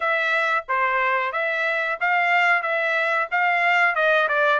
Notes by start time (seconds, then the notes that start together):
0.00 E5
0.68 C5
1.32 E5
2.00 F5
2.62 E5
3.31 F5
3.95 D#5
4.28 D5